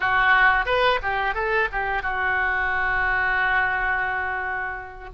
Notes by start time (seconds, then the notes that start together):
0.00 F#4
0.65 B4
1.02 G4
1.34 A4
1.72 G4
2.02 F#4